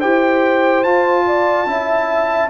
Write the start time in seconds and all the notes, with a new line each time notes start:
0.00 E4 G4 C5 G5
0.84 F4 A5
1.27 D5
1.66 C#4 E4 E5